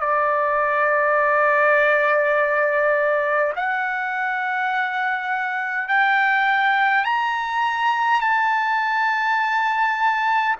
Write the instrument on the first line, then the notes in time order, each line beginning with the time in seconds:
trumpet
0.00 D5
3.56 F#5
5.88 G5
7.04 A#5
8.20 A5